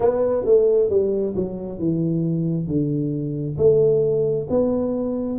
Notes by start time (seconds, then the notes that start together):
0.00 B3
0.44 A3
0.90 G3
1.35 F#3
1.78 E3
2.67 D3
3.57 A3
4.49 B3